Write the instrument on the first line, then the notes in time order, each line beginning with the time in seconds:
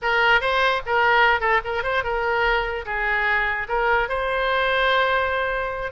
oboe
0.02 A#4
0.40 C5
0.86 A#4
1.40 A4
1.64 A#4
1.83 C5
2.03 A#4
2.85 G#4
3.68 A#4
4.09 C5